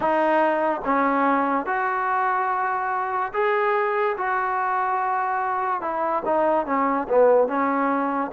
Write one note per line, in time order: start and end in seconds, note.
0.00 0.81 D#4
0.84 1.66 C#4
1.66 3.32 F#4
3.33 4.16 G#4
4.17 5.81 F#4
5.81 6.23 E4
6.25 6.66 D#4
6.66 7.07 C#4
7.08 7.47 B3
7.47 8.31 C#4